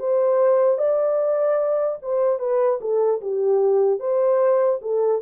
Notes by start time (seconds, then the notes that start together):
0.00 C5
0.79 D5
2.03 C5
2.40 B4
2.81 A4
3.21 G4
4.00 C5
4.82 A4